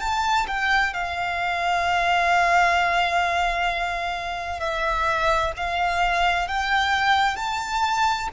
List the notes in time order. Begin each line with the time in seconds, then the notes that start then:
0.00 A5
0.47 G5
0.93 F5
4.60 E5
5.56 F5
6.47 G5
7.36 A5